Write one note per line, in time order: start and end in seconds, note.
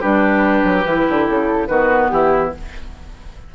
0.00 0.64 G3
0.00 0.84 D4
0.00 1.68 G4
0.00 1.27 B4
0.64 0.84 F#3
0.84 1.05 E3
0.84 1.68 E4
1.09 1.29 D3
1.27 1.68 C#3
1.27 1.66 A4
1.66 2.10 D#3
1.66 2.55 B3
1.66 2.10 F#4
1.66 2.08 B4
2.09 2.53 E3
2.09 2.54 E4
2.09 2.51 G4